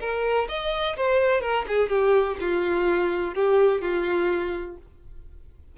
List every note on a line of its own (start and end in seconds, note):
0.00 0.48 A#4
0.48 0.96 D#5
0.96 1.41 C5
1.41 1.65 A#4
1.68 1.89 G#4
1.89 2.37 G4
2.40 3.34 F4
3.34 3.81 G4
3.81 4.77 F4